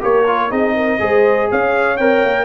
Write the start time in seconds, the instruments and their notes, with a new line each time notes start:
0.00 tuba A#3, trombone G4, horn A#4, trumpet C#5
0.26 trombone F4
0.49 tuba C4, trombone D#4, horn G#4, trumpet D#5
0.75 horn A#4
0.99 tuba G#3, trombone G#4, horn C5
1.51 tuba C#4, horn C#5, trumpet F5
1.97 tuba C4, trombone A#4, trumpet G5
2.24 tuba A#3